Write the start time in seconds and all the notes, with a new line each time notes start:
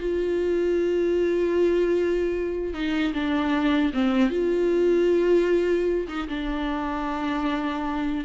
0.00 F4
2.74 D#4
3.14 D4
3.94 C4
4.30 F4
6.09 D#4
6.29 D4